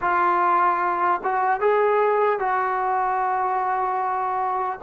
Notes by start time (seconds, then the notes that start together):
0.01 F4
1.23 F#4
1.60 G#4
2.39 F#4